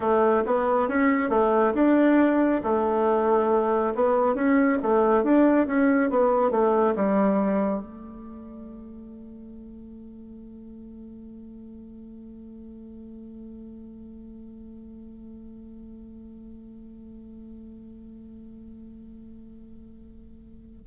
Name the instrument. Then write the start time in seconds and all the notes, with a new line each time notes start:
bassoon
0.00 A3
0.45 B3
0.88 C#4
1.29 A3
1.74 D4
2.63 A3
3.94 B3
4.34 C#4
4.82 A3
5.23 D4
5.66 C#4
6.09 B3
6.51 A3
6.95 G3
7.81 A3